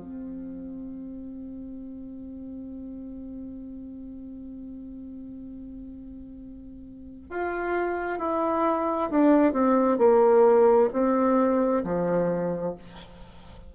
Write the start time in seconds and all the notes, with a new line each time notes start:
0.00 C4
7.31 F4
8.19 E4
9.11 D4
9.53 C4
9.99 A#3
10.93 C4
11.84 F3